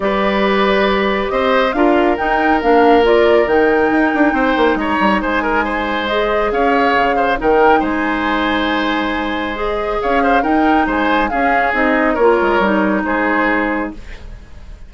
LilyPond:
<<
  \new Staff \with { instrumentName = "flute" } { \time 4/4 \tempo 4 = 138 d''2. dis''4 | f''4 g''4 f''4 d''4 | g''2. ais''4 | gis''2 dis''4 f''4~ |
f''4 g''4 gis''2~ | gis''2 dis''4 f''4 | g''4 gis''4 f''4 dis''4 | cis''2 c''2 | }
  \new Staff \with { instrumentName = "oboe" } { \time 4/4 b'2. c''4 | ais'1~ | ais'2 c''4 cis''4 | c''8 ais'8 c''2 cis''4~ |
cis''8 c''8 ais'4 c''2~ | c''2. cis''8 c''8 | ais'4 c''4 gis'2 | ais'2 gis'2 | }
  \new Staff \with { instrumentName = "clarinet" } { \time 4/4 g'1 | f'4 dis'4 d'4 f'4 | dis'1~ | dis'2 gis'2~ |
gis'4 dis'2.~ | dis'2 gis'2 | dis'2 cis'4 dis'4 | f'4 dis'2. | }
  \new Staff \with { instrumentName = "bassoon" } { \time 4/4 g2. c'4 | d'4 dis'4 ais2 | dis4 dis'8 d'8 c'8 ais8 gis8 g8 | gis2. cis'4 |
cis4 dis4 gis2~ | gis2. cis'4 | dis'4 gis4 cis'4 c'4 | ais8 gis8 g4 gis2 | }
>>